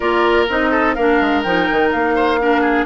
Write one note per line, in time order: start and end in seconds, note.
0.00 0.49 A#3
0.00 0.48 F4
0.00 0.71 A#4
0.00 0.47 D5
0.48 0.97 C4
0.48 0.96 D#4
0.48 0.94 D#5
0.71 0.95 A4
0.94 1.20 A#3
0.94 1.45 D4
0.94 2.15 A#4
0.94 1.42 F5
1.20 1.44 G#3
1.43 1.68 F3
1.43 2.40 D#4
1.43 1.91 G5
1.71 1.94 D#3
1.91 2.85 A#3
1.91 2.85 F5
2.15 2.39 C5
2.40 2.85 D4
2.40 2.61 A#4
2.61 2.85 G#4